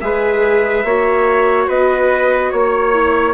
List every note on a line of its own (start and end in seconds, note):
0.00 0.84 G#3
0.00 0.84 G#4
0.00 0.85 B4
0.00 1.67 E5
0.84 1.67 A#3
0.84 2.93 F#4
0.84 1.68 C#5
1.67 2.51 B3
1.67 2.50 B4
1.67 2.52 D#5
2.50 3.33 A#3
2.50 3.33 C#5
2.93 3.33 E4